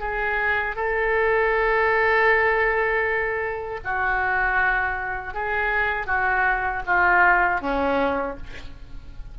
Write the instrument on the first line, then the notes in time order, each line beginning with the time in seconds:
oboe
0.00 G#4
0.76 A4
3.84 F#4
5.34 G#4
6.07 F#4
6.86 F4
7.61 C#4